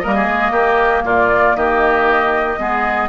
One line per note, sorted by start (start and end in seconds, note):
0.00 0.28 G3
0.00 2.59 A#3
0.00 0.15 A#4
0.00 1.03 D#5
0.15 0.52 G#4
0.28 0.51 G#3
0.51 1.03 A#3
0.51 1.03 G4
1.04 1.55 A#2
1.04 1.57 F4
1.04 1.57 D5
1.56 2.59 D#3
1.56 2.60 G4
1.56 3.09 D#5
2.59 3.09 G#3
2.59 3.09 B3
2.59 3.09 G#4